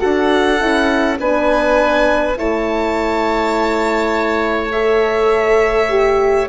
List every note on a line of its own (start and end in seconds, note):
0.00 0.61 D4
0.00 0.59 F#4
0.00 1.18 A4
0.00 1.18 F#5
0.61 1.20 C#4
0.61 1.20 E4
1.20 2.37 B3
1.20 2.37 D4
1.20 2.38 B4
1.20 2.38 G#5
2.37 6.49 A3
2.37 4.73 E4
2.37 6.49 C#5
2.37 4.72 A5
4.72 5.90 A4
4.72 6.48 E5
5.90 6.49 G4